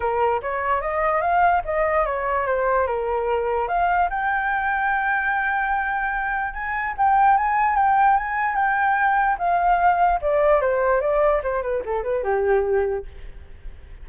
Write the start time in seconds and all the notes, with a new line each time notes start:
0.00 A#4
0.42 C#5
0.81 D#5
1.21 F5
1.64 D#5
2.05 C#5
2.46 C5
2.86 A#4
3.68 F5
4.10 G5
6.53 G#5
6.97 G5
7.37 G#5
7.76 G5
8.16 G#5
8.55 G5
9.38 F5
10.21 D5
10.61 C5
11.00 D5
11.43 C5
11.62 B4
11.85 A4
12.03 B4
12.23 G4